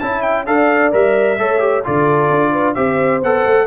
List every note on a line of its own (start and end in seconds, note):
0.00 0.48 C#4
0.00 0.47 E4
0.00 0.48 E5
0.00 0.22 A5
0.22 0.45 G5
0.47 0.93 D4
0.47 0.93 A4
0.47 1.40 D5
0.47 0.93 F5
0.93 1.38 G3
0.93 1.38 A#4
0.93 1.86 E5
1.38 1.84 A3
1.38 1.60 A4
1.38 1.85 C#5
1.60 1.83 G4
1.84 2.31 D3
1.84 2.76 F4
1.84 2.52 A4
1.84 2.75 D5
2.31 2.76 D4
2.52 2.75 B4
2.75 3.23 C4
2.75 3.22 G4
2.75 3.67 C5
2.75 3.21 E5
3.23 3.45 B3
3.23 3.67 A4
3.23 3.67 F#5
3.46 3.67 A3